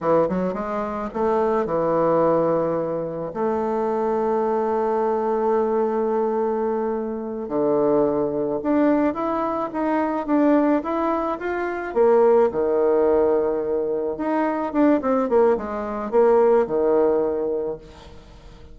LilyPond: \new Staff \with { instrumentName = "bassoon" } { \time 4/4 \tempo 4 = 108 e8 fis8 gis4 a4 e4~ | e2 a2~ | a1~ | a4. d2 d'8~ |
d'8 e'4 dis'4 d'4 e'8~ | e'8 f'4 ais4 dis4.~ | dis4. dis'4 d'8 c'8 ais8 | gis4 ais4 dis2 | }